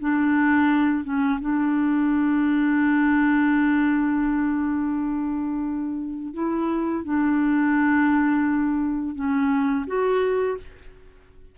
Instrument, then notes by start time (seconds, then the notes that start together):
clarinet
0.00 D4
1.04 C#4
1.41 D4
6.34 E4
7.05 D4
9.15 C#4
9.87 F#4